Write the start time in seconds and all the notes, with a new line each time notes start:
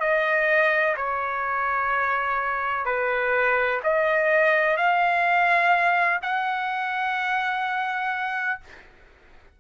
0.00 D#5
0.97 C#5
2.85 B4
3.83 D#5
4.77 F5
6.22 F#5